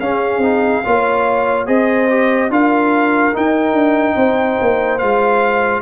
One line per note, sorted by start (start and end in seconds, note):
0.00 0.38 C#4
0.00 0.42 C#4
0.00 0.83 G#4
0.00 1.67 F5
0.38 0.80 C4
0.38 0.84 D#4
0.84 1.68 A#3
0.84 1.67 F4
0.84 1.68 C#5
1.67 2.50 C4
1.67 2.09 G#4
1.67 2.51 C5
1.67 2.51 D#5
2.10 2.51 G4
2.50 3.33 D4
2.50 3.34 F4
2.50 4.16 A#4
2.50 3.36 F5
3.34 5.00 D#4
3.34 3.73 D#4
3.34 4.99 G5
3.73 4.15 D4
4.16 4.58 C4
4.16 5.83 C5
4.61 5.02 A#3
4.99 5.83 G#3
4.99 5.83 F4
4.99 5.82 F5